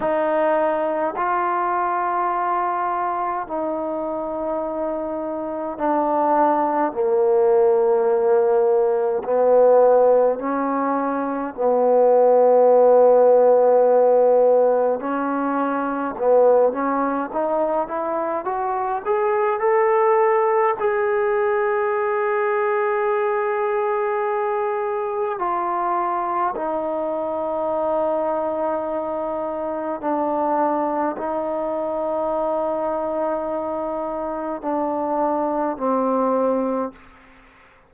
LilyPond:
\new Staff \with { instrumentName = "trombone" } { \time 4/4 \tempo 4 = 52 dis'4 f'2 dis'4~ | dis'4 d'4 ais2 | b4 cis'4 b2~ | b4 cis'4 b8 cis'8 dis'8 e'8 |
fis'8 gis'8 a'4 gis'2~ | gis'2 f'4 dis'4~ | dis'2 d'4 dis'4~ | dis'2 d'4 c'4 | }